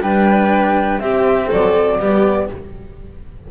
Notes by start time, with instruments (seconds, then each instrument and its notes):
0.00 double bass G3, cello D4, violin B4, flute G5
0.99 double bass C4, cello C4, violin G4, flute E5
1.48 double bass F#3, violin A4, flute D5
1.98 double bass G3, cello B3, violin G4